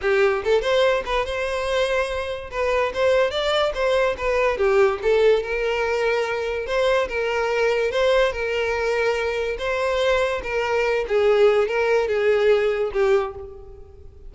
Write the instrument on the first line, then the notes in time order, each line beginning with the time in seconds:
violin
0.01 G4
0.44 A4
0.61 C5
1.05 B4
1.25 C5
2.50 B4
2.93 C5
3.30 D5
3.74 C5
4.17 B4
4.57 G4
5.02 A4
5.42 A#4
6.66 C5
7.08 A#4
7.91 C5
8.32 A#4
9.58 C5
10.43 A#4
11.08 G#4
11.68 A#4
12.08 G#4
12.93 G4